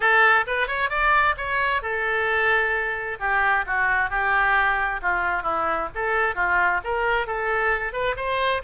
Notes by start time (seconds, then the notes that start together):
0.00 A4
0.46 B4
0.67 C#5
0.89 D5
1.37 C#5
1.82 A4
3.19 G4
3.66 F#4
4.10 G4
5.01 F4
5.43 E4
5.94 A4
6.35 F4
6.84 A#4
7.26 A4
7.93 B4
8.16 C5